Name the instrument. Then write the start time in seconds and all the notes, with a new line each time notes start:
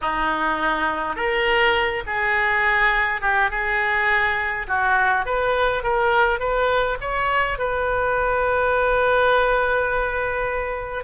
oboe
0.01 D#4
1.15 A#4
2.06 G#4
3.21 G4
3.50 G#4
4.67 F#4
5.25 B4
5.83 A#4
6.39 B4
7.00 C#5
7.58 B4